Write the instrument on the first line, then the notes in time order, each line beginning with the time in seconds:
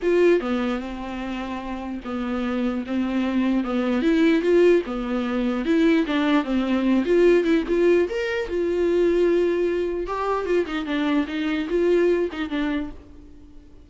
viola
0.02 F4
0.40 B3
0.79 C4
2.04 B3
2.86 C4
3.64 B3
4.01 E4
4.41 F4
4.86 B3
5.65 E4
6.06 D4
6.44 C4
7.05 F4
7.43 E4
7.68 F4
8.09 A#4
8.48 F4
10.07 G4
10.45 F4
10.66 D#4
10.85 D4
11.27 D#4
11.69 F4
12.31 D#4
12.49 D4